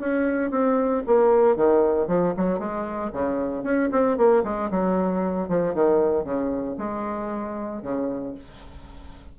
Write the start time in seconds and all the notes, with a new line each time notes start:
0.00 C#4
0.51 C4
1.07 A#3
1.56 D#3
2.08 F3
2.37 F#3
2.59 G#3
3.13 C#3
3.63 C#4
3.92 C4
4.17 A#3
4.44 G#3
4.71 F#3
5.49 F3
5.74 D#3
6.24 C#3
6.78 G#3
7.82 C#3